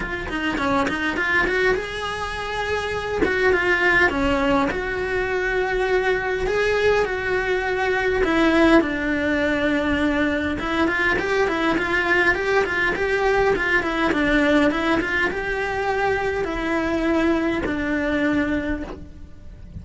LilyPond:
\new Staff \with { instrumentName = "cello" } { \time 4/4 \tempo 4 = 102 f'8 dis'8 cis'8 dis'8 f'8 fis'8 gis'4~ | gis'4. fis'8 f'4 cis'4 | fis'2. gis'4 | fis'2 e'4 d'4~ |
d'2 e'8 f'8 g'8 e'8 | f'4 g'8 f'8 g'4 f'8 e'8 | d'4 e'8 f'8 g'2 | e'2 d'2 | }